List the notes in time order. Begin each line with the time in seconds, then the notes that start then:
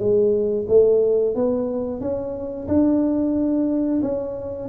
0.00 G#3
0.68 A3
1.35 B3
2.01 C#4
2.68 D4
4.03 C#4